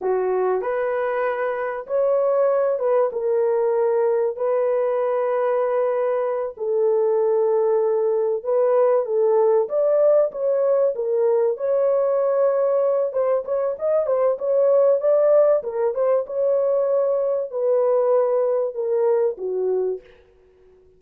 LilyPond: \new Staff \with { instrumentName = "horn" } { \time 4/4 \tempo 4 = 96 fis'4 b'2 cis''4~ | cis''8 b'8 ais'2 b'4~ | b'2~ b'8 a'4.~ | a'4. b'4 a'4 d''8~ |
d''8 cis''4 ais'4 cis''4.~ | cis''4 c''8 cis''8 dis''8 c''8 cis''4 | d''4 ais'8 c''8 cis''2 | b'2 ais'4 fis'4 | }